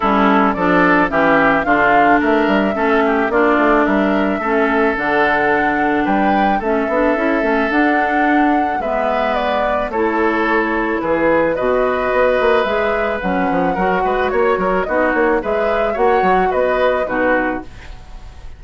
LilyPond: <<
  \new Staff \with { instrumentName = "flute" } { \time 4/4 \tempo 4 = 109 a'4 d''4 e''4 f''4 | e''2 d''4 e''4~ | e''4 fis''2 g''4 | e''2 fis''2 |
e''4 d''4 cis''2 | b'4 dis''2 e''4 | fis''2 cis''4 dis''8 cis''8 | e''4 fis''4 dis''4 b'4 | }
  \new Staff \with { instrumentName = "oboe" } { \time 4/4 e'4 a'4 g'4 f'4 | ais'4 a'8 g'8 f'4 ais'4 | a'2. b'4 | a'1 |
b'2 a'2 | gis'4 b'2.~ | b'4 ais'8 b'8 cis''8 ais'8 fis'4 | b'4 cis''4 b'4 fis'4 | }
  \new Staff \with { instrumentName = "clarinet" } { \time 4/4 cis'4 d'4 cis'4 d'4~ | d'4 cis'4 d'2 | cis'4 d'2. | cis'8 d'8 e'8 cis'8 d'2 |
b2 e'2~ | e'4 fis'2 gis'4 | cis'4 fis'2 dis'4 | gis'4 fis'2 dis'4 | }
  \new Staff \with { instrumentName = "bassoon" } { \time 4/4 g4 f4 e4 d4 | a8 g8 a4 ais8 a8 g4 | a4 d2 g4 | a8 b8 cis'8 a8 d'2 |
gis2 a2 | e4 b,4 b8 ais8 gis4 | fis8 f8 fis8 gis8 ais8 fis8 b8 ais8 | gis4 ais8 fis8 b4 b,4 | }
>>